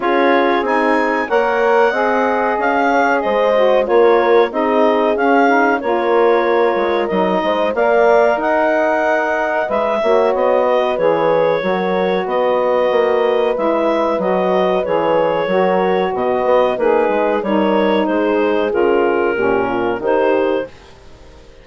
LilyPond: <<
  \new Staff \with { instrumentName = "clarinet" } { \time 4/4 \tempo 4 = 93 cis''4 gis''4 fis''2 | f''4 dis''4 cis''4 dis''4 | f''4 cis''2 dis''4 | f''4 fis''2 e''4 |
dis''4 cis''2 dis''4~ | dis''4 e''4 dis''4 cis''4~ | cis''4 dis''4 b'4 cis''4 | c''4 ais'2 c''4 | }
  \new Staff \with { instrumentName = "horn" } { \time 4/4 gis'2 cis''4 dis''4~ | dis''8 cis''8 c''4 ais'4 gis'4~ | gis'4 ais'2~ ais'8 c''8 | d''4 dis''2~ dis''8 cis''8~ |
cis''8 b'4. ais'4 b'4~ | b'1 | ais'4 b'4 dis'4 ais'4 | gis'2 g'8 f'8 g'4 | }
  \new Staff \with { instrumentName = "saxophone" } { \time 4/4 f'4 dis'4 ais'4 gis'4~ | gis'4. fis'8 f'4 dis'4 | cis'8 dis'8 f'2 dis'4 | ais'2. b'8 fis'8~ |
fis'4 gis'4 fis'2~ | fis'4 e'4 fis'4 gis'4 | fis'2 gis'4 dis'4~ | dis'4 f'4 cis'4 dis'4 | }
  \new Staff \with { instrumentName = "bassoon" } { \time 4/4 cis'4 c'4 ais4 c'4 | cis'4 gis4 ais4 c'4 | cis'4 ais4. gis8 fis8 gis8 | ais4 dis'2 gis8 ais8 |
b4 e4 fis4 b4 | ais4 gis4 fis4 e4 | fis4 b,8 b8 ais8 gis8 g4 | gis4 cis4 ais,4 dis4 | }
>>